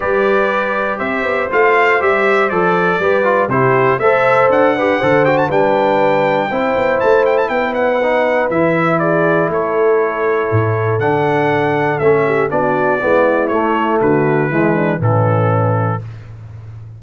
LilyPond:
<<
  \new Staff \with { instrumentName = "trumpet" } { \time 4/4 \tempo 4 = 120 d''2 e''4 f''4 | e''4 d''2 c''4 | e''4 fis''4. g''16 a''16 g''4~ | g''2 a''8 g''16 a''16 g''8 fis''8~ |
fis''4 e''4 d''4 cis''4~ | cis''2 fis''2 | e''4 d''2 cis''4 | b'2 a'2 | }
  \new Staff \with { instrumentName = "horn" } { \time 4/4 b'2 c''2~ | c''2 b'4 g'4 | c''4. b'8 c''4 b'4~ | b'4 c''2 b'4~ |
b'2 gis'4 a'4~ | a'1~ | a'8 g'8 fis'4 e'2 | fis'4 e'8 d'8 cis'2 | }
  \new Staff \with { instrumentName = "trombone" } { \time 4/4 g'2. f'4 | g'4 a'4 g'8 f'8 e'4 | a'4. g'8 a'8 fis'8 d'4~ | d'4 e'2. |
dis'4 e'2.~ | e'2 d'2 | cis'4 d'4 b4 a4~ | a4 gis4 e2 | }
  \new Staff \with { instrumentName = "tuba" } { \time 4/4 g2 c'8 b8 a4 | g4 f4 g4 c4 | a4 d'4 d4 g4~ | g4 c'8 b8 a4 b4~ |
b4 e2 a4~ | a4 a,4 d2 | a4 b4 gis4 a4 | d4 e4 a,2 | }
>>